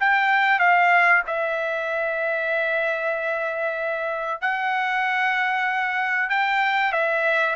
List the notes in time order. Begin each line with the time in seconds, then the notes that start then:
0.00 G5
0.59 F5
1.27 E5
4.41 F#5
6.30 G5
6.92 E5